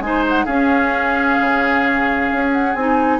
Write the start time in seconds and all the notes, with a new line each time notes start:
0.00 G#3 D#4 G#5
0.07 C5
0.30 F#5
0.46 C#4 G#4 F5
1.40 C#3
2.32 C#4
2.52 F#5
2.75 C4 D#4 G#5